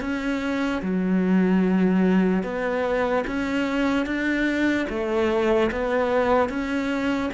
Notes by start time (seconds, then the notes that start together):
0.00 C#4
0.82 F#3
2.43 B3
3.27 C#4
4.05 D4
4.89 A3
5.71 B3
6.49 C#4